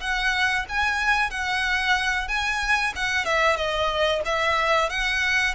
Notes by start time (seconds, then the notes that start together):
0.00 F#5
0.68 G#5
1.30 F#5
2.28 G#5
2.95 F#5
3.25 E5
3.56 D#5
4.25 E5
4.89 F#5